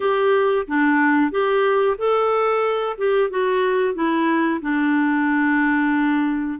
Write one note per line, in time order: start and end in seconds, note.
0.00 0.66 G4
0.67 1.31 D4
1.31 1.97 G4
1.98 2.96 A4
2.97 3.30 G4
3.30 3.94 F#4
3.94 4.60 E4
4.61 6.59 D4